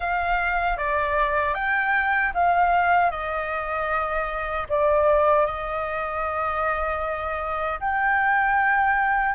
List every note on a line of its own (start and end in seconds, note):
0.00 0.77 F5
0.77 1.54 D5
1.54 2.32 G5
2.33 3.10 F5
3.10 4.66 D#5
4.69 5.45 D5
5.45 7.79 D#5
7.80 9.34 G5